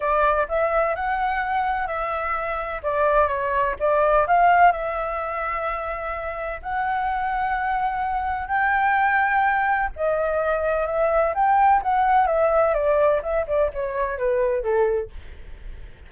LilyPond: \new Staff \with { instrumentName = "flute" } { \time 4/4 \tempo 4 = 127 d''4 e''4 fis''2 | e''2 d''4 cis''4 | d''4 f''4 e''2~ | e''2 fis''2~ |
fis''2 g''2~ | g''4 dis''2 e''4 | g''4 fis''4 e''4 d''4 | e''8 d''8 cis''4 b'4 a'4 | }